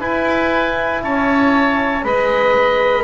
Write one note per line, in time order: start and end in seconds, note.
0.00 2.03 E4
0.00 1.02 E4
0.00 1.02 B4
0.00 1.02 G#5
1.02 2.04 C#4
1.02 2.05 C#5
1.02 2.04 A5
2.04 3.04 G#3
2.04 3.04 B4
2.04 3.04 D#5
2.04 3.04 B5